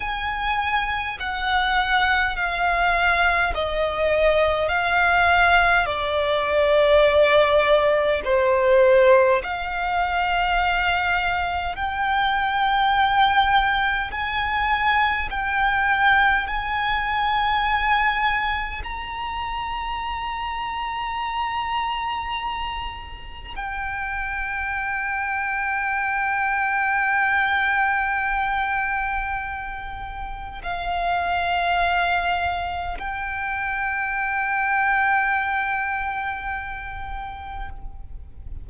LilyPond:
\new Staff \with { instrumentName = "violin" } { \time 4/4 \tempo 4 = 51 gis''4 fis''4 f''4 dis''4 | f''4 d''2 c''4 | f''2 g''2 | gis''4 g''4 gis''2 |
ais''1 | g''1~ | g''2 f''2 | g''1 | }